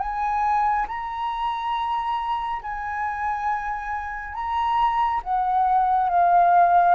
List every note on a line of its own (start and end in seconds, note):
0.00 0.87 G#5
0.88 2.62 A#5
2.62 4.34 G#5
4.34 5.21 A#5
5.24 6.09 F#5
6.09 6.95 F5